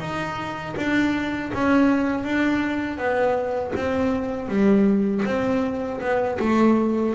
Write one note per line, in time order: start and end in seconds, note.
0.00 0.75 D#4
0.77 1.52 D4
1.54 2.24 C#4
2.24 2.98 D4
2.98 3.73 B3
3.76 4.49 C4
4.49 5.24 G3
5.25 6.00 C4
6.01 6.38 B3
6.40 7.15 A3